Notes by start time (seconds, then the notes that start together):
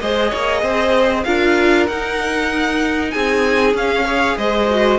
0.00 G#3 G#4 C5 D#5
0.30 A#3 C#5
0.62 C4 C5
1.24 D4 F4 A#4 F5
1.88 D#4 F#5
3.11 C4 G#4 G#5
3.74 C#4 F5
4.05 G#4 C#5
4.38 G#3 C5 D#5
4.70 F#4